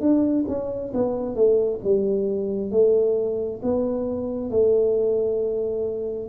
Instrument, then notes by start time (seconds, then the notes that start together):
tuba
0.00 D4
0.47 C#4
0.94 B3
1.35 A3
1.84 G3
2.71 A3
3.62 B3
4.50 A3